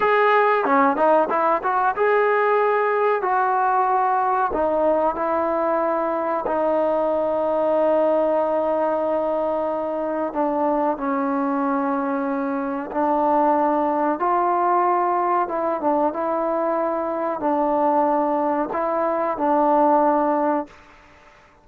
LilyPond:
\new Staff \with { instrumentName = "trombone" } { \time 4/4 \tempo 4 = 93 gis'4 cis'8 dis'8 e'8 fis'8 gis'4~ | gis'4 fis'2 dis'4 | e'2 dis'2~ | dis'1 |
d'4 cis'2. | d'2 f'2 | e'8 d'8 e'2 d'4~ | d'4 e'4 d'2 | }